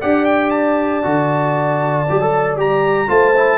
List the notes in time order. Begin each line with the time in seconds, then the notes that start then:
0.00 D4 G4 D5 F#5
0.25 G5
0.50 A5
1.03 D3 F#4
2.09 F#3 G4
2.21 A4
2.56 G3 G4 A#5
3.07 A3 F4 C5 A5
3.36 E4